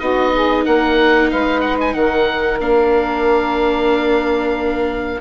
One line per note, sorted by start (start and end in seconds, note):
0.00 0.66 B3
0.00 2.60 D#4
0.00 0.33 F#4
0.00 0.65 D#5
0.35 0.65 G#4
0.65 1.33 A#3
0.65 1.30 A#4
0.65 1.31 F#5
1.31 1.95 G#3
1.31 1.97 B4
1.31 1.61 F5
1.61 1.77 F#5
1.81 1.94 G#5
1.94 2.60 D#3
1.94 5.21 A#4
1.94 2.59 F#5
2.60 5.21 A#3
2.60 5.21 D4
2.60 5.21 F5